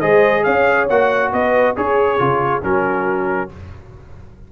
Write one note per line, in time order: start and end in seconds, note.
0.00 0.45 G#3
0.00 0.89 G#4
0.00 0.44 C5
0.00 0.43 D#5
0.44 0.89 C#4
0.44 1.32 C#5
0.44 0.87 F5
0.89 1.32 A#3
0.89 1.76 F#4
0.89 1.32 F#5
1.32 1.76 B3
1.32 1.77 B4
1.32 1.76 D#5
1.76 2.19 C#4
1.76 2.19 G#4
1.76 2.65 G#4
1.76 2.63 C#5
2.19 2.63 C#3
2.19 2.62 F4
2.62 3.50 F#3
2.62 3.49 C#4
2.62 3.52 F#4
2.62 3.50 A#4